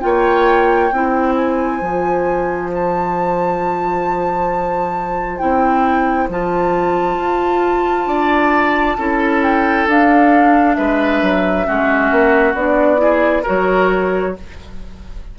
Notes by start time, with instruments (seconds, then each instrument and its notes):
0.00 bassoon A#3, clarinet F4, oboe C#5, flute G5
0.91 bassoon C4, clarinet E4, oboe C5
1.35 flute G#5
1.81 bassoon F3, clarinet F4
2.74 flute A5
5.38 bassoon C4, clarinet E4, flute G5
6.28 bassoon F3, clarinet F4, flute A5
7.16 bassoon F4
8.06 bassoon D4, oboe D5
8.97 bassoon C#4, clarinet E4, oboe A4
9.42 flute G5
9.87 bassoon D4, clarinet D4, flute F5
10.75 bassoon G#3, oboe B4, flute E5
11.21 bassoon F#3
11.65 bassoon G#3, clarinet C#4, oboe F#4
12.10 bassoon A#3
12.54 bassoon B3, clarinet D4, flute D5
12.97 clarinet E4, oboe G#4
13.42 clarinet F#4, oboe A#4, flute C#5
13.49 bassoon F#3